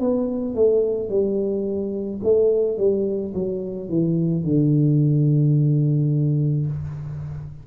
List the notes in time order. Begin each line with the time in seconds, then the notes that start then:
0.00 B3
0.55 A3
1.10 G3
2.23 A3
2.78 G3
3.34 F#3
3.89 E3
4.44 D3